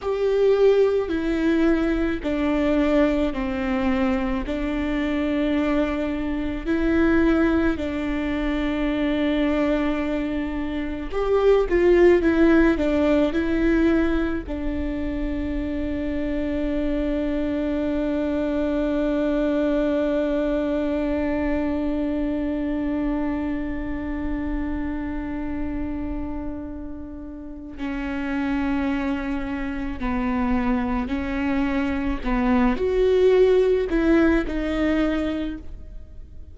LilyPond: \new Staff \with { instrumentName = "viola" } { \time 4/4 \tempo 4 = 54 g'4 e'4 d'4 c'4 | d'2 e'4 d'4~ | d'2 g'8 f'8 e'8 d'8 | e'4 d'2.~ |
d'1~ | d'1~ | d'4 cis'2 b4 | cis'4 b8 fis'4 e'8 dis'4 | }